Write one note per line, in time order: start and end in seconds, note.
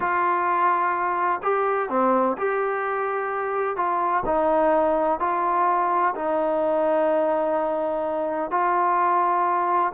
0.00 1.41 F4
1.42 1.89 G4
1.89 2.36 C4
2.37 3.76 G4
3.76 4.23 F4
4.25 5.19 D#4
5.19 6.14 F4
6.15 8.50 D#4
8.50 9.92 F4